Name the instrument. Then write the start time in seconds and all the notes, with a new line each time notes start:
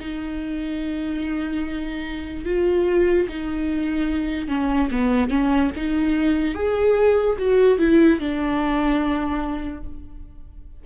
viola
0.00 D#4
2.45 F4
3.29 D#4
4.48 C#4
4.92 B3
5.30 C#4
5.76 D#4
6.55 G#4
7.39 F#4
7.79 E4
8.20 D4